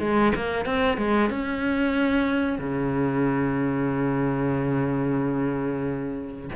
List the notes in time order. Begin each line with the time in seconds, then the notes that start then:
0.00 G#3
0.35 A#3
0.66 C4
0.98 G#3
1.30 C#4
2.58 C#3